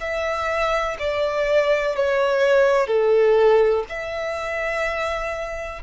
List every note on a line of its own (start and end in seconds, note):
0.00 0.97 E5
0.99 1.95 D5
1.96 2.87 C#5
2.87 3.84 A4
3.89 5.82 E5